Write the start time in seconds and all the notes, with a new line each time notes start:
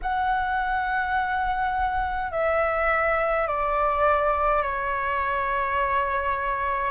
0.02 F#5
2.31 E5
3.47 D5
4.63 C#5